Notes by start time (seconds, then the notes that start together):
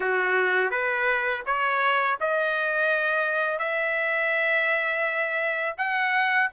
0.00 F#4
0.70 B4
1.46 C#5
2.20 D#5
3.58 E5
5.77 F#5